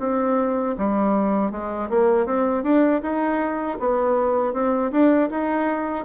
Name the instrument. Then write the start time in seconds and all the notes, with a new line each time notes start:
bassoon
0.00 C4
0.78 G3
1.51 G#3
1.90 A#3
2.26 C4
2.63 D4
3.02 D#4
3.80 B3
4.54 C4
4.92 D4
5.30 D#4